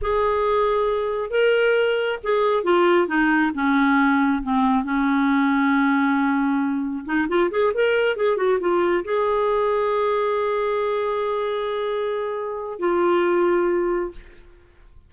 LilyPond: \new Staff \with { instrumentName = "clarinet" } { \time 4/4 \tempo 4 = 136 gis'2. ais'4~ | ais'4 gis'4 f'4 dis'4 | cis'2 c'4 cis'4~ | cis'1 |
dis'8 f'8 gis'8 ais'4 gis'8 fis'8 f'8~ | f'8 gis'2.~ gis'8~ | gis'1~ | gis'4 f'2. | }